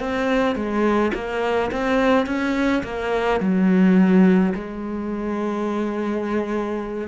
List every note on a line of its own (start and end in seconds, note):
0.00 0.56 C4
0.56 1.12 G#3
1.14 1.71 A#3
1.71 2.26 C4
2.26 2.83 C#4
2.84 3.40 A#3
3.40 4.53 F#3
4.54 7.08 G#3